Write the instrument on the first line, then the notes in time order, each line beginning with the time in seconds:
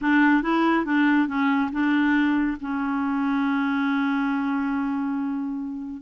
clarinet
0.01 D4
0.42 E4
0.85 D4
1.27 C#4
1.71 D4
2.60 C#4